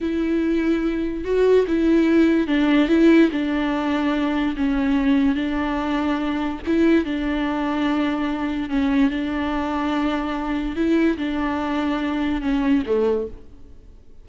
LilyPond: \new Staff \with { instrumentName = "viola" } { \time 4/4 \tempo 4 = 145 e'2. fis'4 | e'2 d'4 e'4 | d'2. cis'4~ | cis'4 d'2. |
e'4 d'2.~ | d'4 cis'4 d'2~ | d'2 e'4 d'4~ | d'2 cis'4 a4 | }